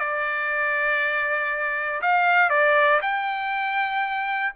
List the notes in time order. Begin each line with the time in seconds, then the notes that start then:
0.00 D5
2.02 F5
2.50 D5
3.02 G5